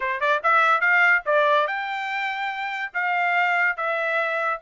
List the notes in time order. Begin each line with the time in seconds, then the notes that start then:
0.00 C5
0.20 D5
0.43 E5
0.80 F5
1.25 D5
1.67 G5
2.93 F5
3.76 E5